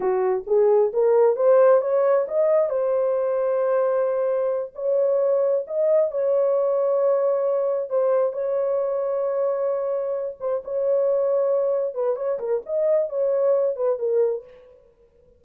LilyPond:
\new Staff \with { instrumentName = "horn" } { \time 4/4 \tempo 4 = 133 fis'4 gis'4 ais'4 c''4 | cis''4 dis''4 c''2~ | c''2~ c''8 cis''4.~ | cis''8 dis''4 cis''2~ cis''8~ |
cis''4. c''4 cis''4.~ | cis''2. c''8 cis''8~ | cis''2~ cis''8 b'8 cis''8 ais'8 | dis''4 cis''4. b'8 ais'4 | }